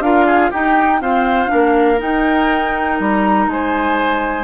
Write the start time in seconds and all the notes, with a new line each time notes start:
0.00 D4 F4 A#4 F5
0.26 G#4
0.51 D#4 G4 G5
1.01 C4 F4 C5 F5
1.47 D4 A#4
1.53 A#3
1.98 D#4 G5
3.00 G3 A#5
3.47 G#3 C5 G#5